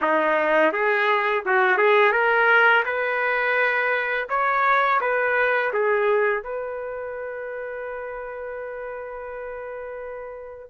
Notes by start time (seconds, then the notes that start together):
0.01 D#4
0.72 G#4
1.45 F#4
1.77 G#4
2.12 A#4
2.85 B4
4.29 C#5
5.00 B4
5.73 G#4
6.43 B4